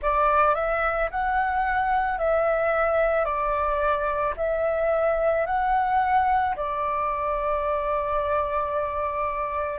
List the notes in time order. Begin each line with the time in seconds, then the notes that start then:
0.01 D5
0.55 E5
1.11 F#5
2.18 E5
3.24 D5
4.36 E5
5.45 F#5
6.56 D5